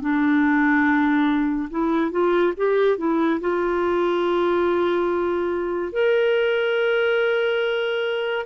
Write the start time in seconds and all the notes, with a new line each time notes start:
0.00 D4
1.70 E4
2.10 F4
2.56 G4
2.97 E4
3.40 F4
5.92 A#4